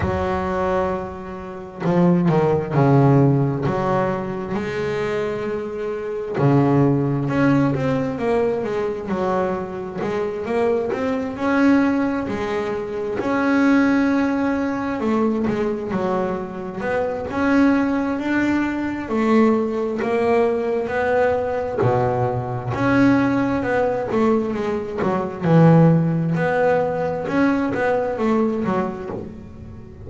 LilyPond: \new Staff \with { instrumentName = "double bass" } { \time 4/4 \tempo 4 = 66 fis2 f8 dis8 cis4 | fis4 gis2 cis4 | cis'8 c'8 ais8 gis8 fis4 gis8 ais8 | c'8 cis'4 gis4 cis'4.~ |
cis'8 a8 gis8 fis4 b8 cis'4 | d'4 a4 ais4 b4 | b,4 cis'4 b8 a8 gis8 fis8 | e4 b4 cis'8 b8 a8 fis8 | }